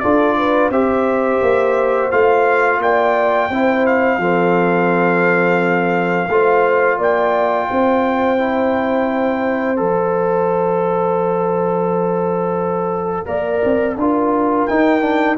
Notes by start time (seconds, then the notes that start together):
0.00 D4 F4 A4 D5
0.37 B4
0.70 C4 G4 C5 E5
1.42 A#3
2.11 A3 F4 F5
2.79 A#3 D5 G5
3.50 C4 E4 C5
3.86 F5
4.18 F3 C4 A4
6.29 A3 F4 C5
6.98 A#3 D5 G5
7.69 C4 C5
8.39 E4
9.77 F3 A4 F5
13.26 A#3 A#4 D5
13.64 C4
13.96 D4 F4 A#4
14.66 D#4 G5
15.01 D4